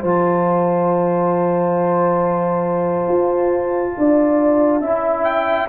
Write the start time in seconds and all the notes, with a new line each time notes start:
0.00 F3 F4 C5 A5
3.08 F4
3.97 D4 D5
4.80 C#4 E4 E5
5.24 G5